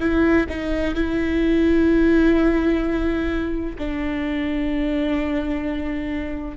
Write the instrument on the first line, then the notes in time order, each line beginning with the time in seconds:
viola
0.00 E4
0.49 D#4
0.95 E4
3.78 D4